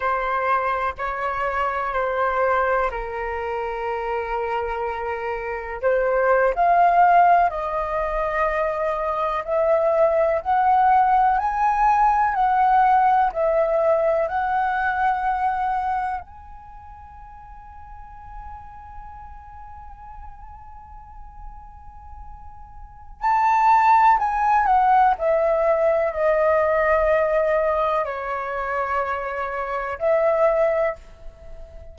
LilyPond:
\new Staff \with { instrumentName = "flute" } { \time 4/4 \tempo 4 = 62 c''4 cis''4 c''4 ais'4~ | ais'2 c''8. f''4 dis''16~ | dis''4.~ dis''16 e''4 fis''4 gis''16~ | gis''8. fis''4 e''4 fis''4~ fis''16~ |
fis''8. gis''2.~ gis''16~ | gis''1 | a''4 gis''8 fis''8 e''4 dis''4~ | dis''4 cis''2 e''4 | }